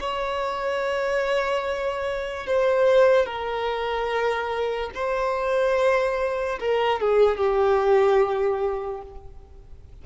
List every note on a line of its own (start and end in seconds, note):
0.00 2.47 C#5
2.47 3.26 C5
3.26 4.90 A#4
4.94 6.59 C5
6.60 7.00 A#4
7.00 7.37 G#4
7.37 9.01 G4